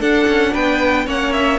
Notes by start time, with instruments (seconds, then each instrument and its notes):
0.00 cello D4, viola D4, violin A4 F#5
0.28 cello C#4
0.52 cello B3, violin B4 G5
1.06 cello A#3, viola C#4, violin C#5 F#5
1.33 violin E5